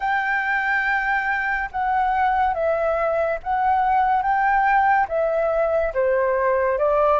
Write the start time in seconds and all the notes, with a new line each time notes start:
0.00 G5
1.71 F#5
2.54 E5
3.43 F#5
4.22 G5
5.08 E5
5.94 C5
6.78 D5